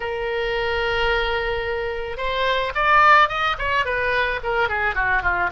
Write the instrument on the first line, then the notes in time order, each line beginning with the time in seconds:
oboe
0.00 A#4
2.17 C5
2.74 D5
3.29 D#5
3.58 C#5
3.85 B4
4.43 A#4
4.68 G#4
4.94 F#4
5.22 F4